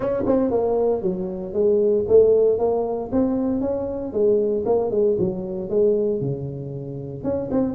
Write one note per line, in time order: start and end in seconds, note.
0.00 0.23 C#4
0.26 0.50 C4
0.50 1.02 A#3
1.02 1.53 F#3
1.53 2.05 G#3
2.08 2.58 A3
2.58 3.10 A#3
3.12 3.61 C4
3.61 4.12 C#4
4.12 4.64 G#3
4.65 4.90 A#3
4.90 5.16 G#3
5.18 5.69 F#3
5.69 6.21 G#3
6.21 7.23 C#3
7.23 7.49 C#4
7.51 7.74 C4